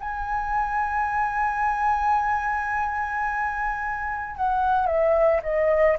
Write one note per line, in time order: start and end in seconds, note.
0.00 4.36 G#5
4.36 4.86 F#5
4.86 5.40 E5
5.42 5.97 D#5